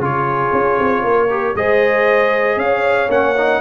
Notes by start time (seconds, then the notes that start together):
0.00 C#3 F4 G#4 C#5
0.52 C#4
0.80 C4
1.03 A#3 A#4
1.30 G4
1.55 G#3 G#4 C5 D#5
2.57 C#4 C#5 F5
3.09 A#3 C#4 F#5
3.37 D#4